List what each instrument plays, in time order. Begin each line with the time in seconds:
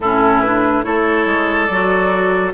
0.00 bassoon A2, clarinet C#4, oboe E4, flute A4
0.40 clarinet D4, flute B4
0.83 bassoon A3, clarinet E4, oboe A4, flute C#5
1.26 bassoon G#3
1.65 bassoon F#3, flute D5
1.71 clarinet F#4